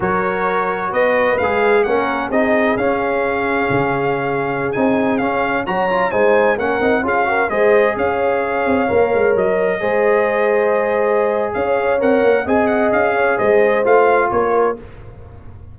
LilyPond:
<<
  \new Staff \with { instrumentName = "trumpet" } { \time 4/4 \tempo 4 = 130 cis''2 dis''4 f''4 | fis''4 dis''4 f''2~ | f''2~ f''16 gis''4 f''8.~ | f''16 ais''4 gis''4 fis''4 f''8.~ |
f''16 dis''4 f''2~ f''8.~ | f''16 dis''2.~ dis''8.~ | dis''4 f''4 fis''4 gis''8 fis''8 | f''4 dis''4 f''4 cis''4 | }
  \new Staff \with { instrumentName = "horn" } { \time 4/4 ais'2 b'2 | ais'4 gis'2.~ | gis'1~ | gis'16 cis''4 c''4 ais'4 gis'8 ais'16~ |
ais'16 c''4 cis''2~ cis''8.~ | cis''4~ cis''16 c''2~ c''8.~ | c''4 cis''2 dis''4~ | dis''8 cis''8 c''2 ais'4 | }
  \new Staff \with { instrumentName = "trombone" } { \time 4/4 fis'2. gis'4 | cis'4 dis'4 cis'2~ | cis'2~ cis'16 dis'4 cis'8.~ | cis'16 fis'8 f'8 dis'4 cis'8 dis'8 f'8 fis'16~ |
fis'16 gis'2. ais'8.~ | ais'4~ ais'16 gis'2~ gis'8.~ | gis'2 ais'4 gis'4~ | gis'2 f'2 | }
  \new Staff \with { instrumentName = "tuba" } { \time 4/4 fis2 b4 gis4 | ais4 c'4 cis'2 | cis2~ cis16 c'4 cis'8.~ | cis'16 fis4 gis4 ais8 c'8 cis'8.~ |
cis'16 gis4 cis'4. c'8 ais8 gis16~ | gis16 fis4 gis2~ gis8.~ | gis4 cis'4 c'8 ais8 c'4 | cis'4 gis4 a4 ais4 | }
>>